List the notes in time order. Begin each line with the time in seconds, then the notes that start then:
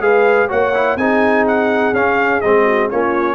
0.00 G#3 G#4 B4 F5
0.48 A#3 F#4 C#5 F#5
0.75 E4
0.96 C4 D#4 G#4 G#5
1.47 F#5
1.93 C#4 F5
2.41 G#3 C4 D#5
2.65 F#4
2.91 A#3 C#4 F4 C#5